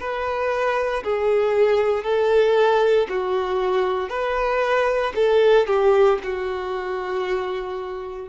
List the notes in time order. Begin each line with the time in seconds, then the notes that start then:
0.00 B4
1.03 G#4
2.04 A4
3.09 F#4
4.10 B4
5.15 A4
5.67 G4
6.24 F#4